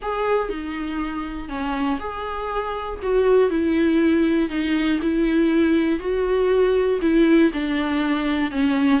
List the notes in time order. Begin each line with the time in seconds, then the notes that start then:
0.01 G#4
0.49 D#4
1.48 C#4
1.99 G#4
3.02 F#4
3.50 E4
4.49 D#4
5.01 E4
5.99 F#4
7.01 E4
7.53 D4
8.51 C#4